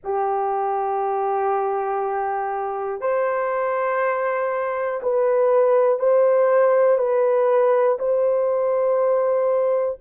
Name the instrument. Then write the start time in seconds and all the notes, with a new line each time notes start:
horn
0.04 G4
3.00 C5
5.02 B4
5.99 C5
6.98 B4
7.98 C5